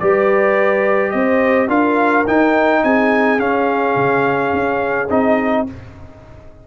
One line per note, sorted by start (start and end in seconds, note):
0.00 1.14 G3
0.00 1.69 G4
0.00 1.14 B4
0.00 1.11 D5
1.11 1.69 C4
1.11 1.68 C5
1.11 1.68 D#5
1.68 2.25 D4
1.68 2.25 F4
1.68 2.81 A#4
1.68 2.27 F5
2.27 2.84 D#4
2.27 3.39 D#4
2.27 2.84 G5
2.84 3.40 C4
2.84 5.67 G#4
2.84 3.40 G#5
3.39 5.09 C#4
3.39 3.96 C#4
3.39 5.10 F5
3.96 4.52 C#3
4.53 5.10 C#4
5.10 5.67 C4
5.10 5.67 D#4
5.10 5.67 D#5